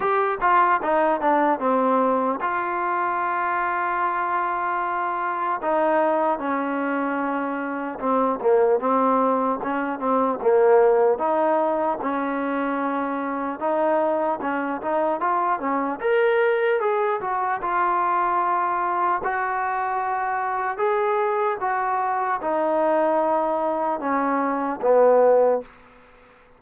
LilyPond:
\new Staff \with { instrumentName = "trombone" } { \time 4/4 \tempo 4 = 75 g'8 f'8 dis'8 d'8 c'4 f'4~ | f'2. dis'4 | cis'2 c'8 ais8 c'4 | cis'8 c'8 ais4 dis'4 cis'4~ |
cis'4 dis'4 cis'8 dis'8 f'8 cis'8 | ais'4 gis'8 fis'8 f'2 | fis'2 gis'4 fis'4 | dis'2 cis'4 b4 | }